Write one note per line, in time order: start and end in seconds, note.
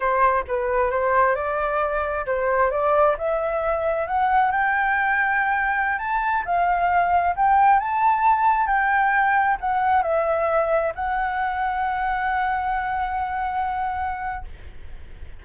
0.00 0.44 C5
0.47 0.90 B4
0.90 1.35 C5
1.35 2.25 D5
2.26 2.70 C5
2.70 3.15 D5
3.17 4.07 E5
4.07 4.51 F#5
4.51 5.98 G5
5.98 6.43 A5
6.45 7.35 F5
7.36 7.79 G5
7.79 8.66 A5
8.66 9.57 G5
9.60 10.02 F#5
10.02 10.92 E5
10.95 14.44 F#5